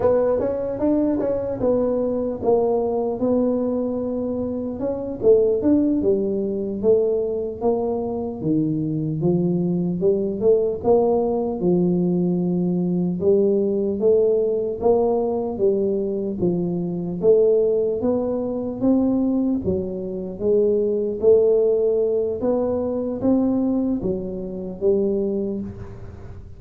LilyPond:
\new Staff \with { instrumentName = "tuba" } { \time 4/4 \tempo 4 = 75 b8 cis'8 d'8 cis'8 b4 ais4 | b2 cis'8 a8 d'8 g8~ | g8 a4 ais4 dis4 f8~ | f8 g8 a8 ais4 f4.~ |
f8 g4 a4 ais4 g8~ | g8 f4 a4 b4 c'8~ | c'8 fis4 gis4 a4. | b4 c'4 fis4 g4 | }